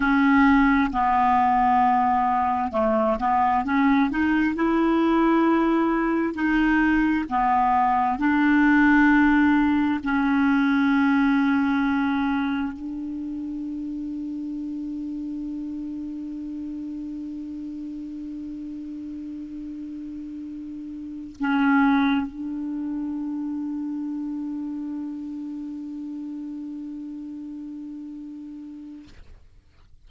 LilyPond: \new Staff \with { instrumentName = "clarinet" } { \time 4/4 \tempo 4 = 66 cis'4 b2 a8 b8 | cis'8 dis'8 e'2 dis'4 | b4 d'2 cis'4~ | cis'2 d'2~ |
d'1~ | d'2.~ d'8 cis'8~ | cis'8 d'2.~ d'8~ | d'1 | }